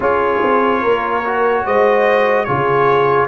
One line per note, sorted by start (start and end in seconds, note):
0.00 0.41 C#4
0.00 1.23 F4
0.00 0.81 G#4
0.00 1.65 C#5
0.43 0.83 C4
0.81 1.65 A#3
0.81 1.63 A#4
1.24 2.47 F#4
1.65 2.48 G#3
1.65 2.45 C5
1.65 2.44 D#5
2.44 3.27 C#3
2.44 3.27 F4
2.44 3.27 G#4
2.44 3.26 C#5